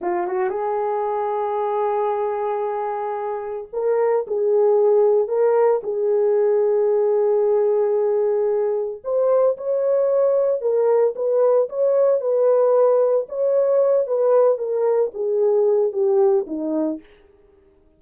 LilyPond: \new Staff \with { instrumentName = "horn" } { \time 4/4 \tempo 4 = 113 f'8 fis'8 gis'2.~ | gis'2. ais'4 | gis'2 ais'4 gis'4~ | gis'1~ |
gis'4 c''4 cis''2 | ais'4 b'4 cis''4 b'4~ | b'4 cis''4. b'4 ais'8~ | ais'8 gis'4. g'4 dis'4 | }